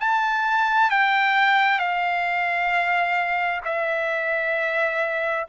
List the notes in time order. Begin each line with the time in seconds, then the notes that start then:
0.00 A5
0.91 G5
1.79 F5
3.65 E5